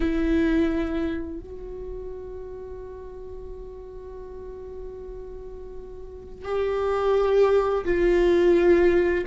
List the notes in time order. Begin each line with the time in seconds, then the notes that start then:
0.00 E4
1.40 F#4
6.44 G4
7.85 F4